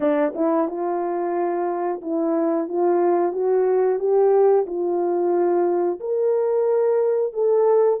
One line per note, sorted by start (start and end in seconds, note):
0.00 0.33 D4
0.35 0.68 E4
0.68 2.01 F4
2.02 2.68 E4
2.68 3.32 F4
3.32 3.98 F#4
3.98 4.65 G4
4.66 5.99 F4
6.00 7.33 A#4
7.33 8.00 A4